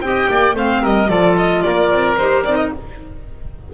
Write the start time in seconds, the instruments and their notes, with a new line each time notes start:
0.00 double bass C4, clarinet G4, oboe D#5, violin G5
0.29 double bass A#3, oboe D5
0.54 double bass A3, clarinet C4, oboe C5, violin F5
0.82 double bass G3, oboe A#4, violin D#5
1.07 double bass F3, clarinet F4, oboe A4, violin D5
1.37 violin D#5
1.62 double bass A#3, oboe A#4, violin D5
1.91 double bass C4
2.16 double bass D#4, clarinet G4, violin C5
2.43 double bass C4, clarinet D#4, violin D5
2.55 violin D#5